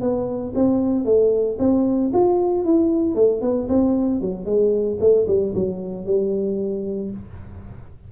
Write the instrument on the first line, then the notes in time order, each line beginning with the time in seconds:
tuba
0.00 B3
0.55 C4
1.05 A3
1.59 C4
2.13 F4
2.64 E4
3.15 A3
3.41 B3
3.68 C4
4.21 F#3
4.45 G#3
5.00 A3
5.27 G3
5.54 F#3
6.06 G3